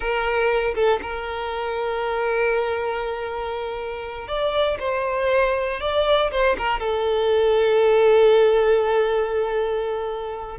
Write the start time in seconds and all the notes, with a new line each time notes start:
0.00 A#4
0.74 A4
1.02 A#4
4.27 D5
4.79 C5
5.80 D5
6.31 C5
6.58 A#4
6.79 A4